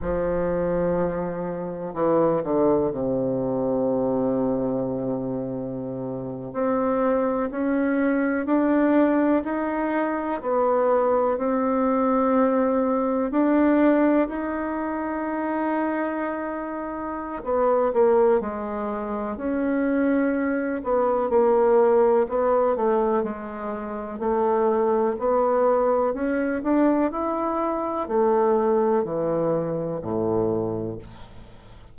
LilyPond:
\new Staff \with { instrumentName = "bassoon" } { \time 4/4 \tempo 4 = 62 f2 e8 d8 c4~ | c2~ c8. c'4 cis'16~ | cis'8. d'4 dis'4 b4 c'16~ | c'4.~ c'16 d'4 dis'4~ dis'16~ |
dis'2 b8 ais8 gis4 | cis'4. b8 ais4 b8 a8 | gis4 a4 b4 cis'8 d'8 | e'4 a4 e4 a,4 | }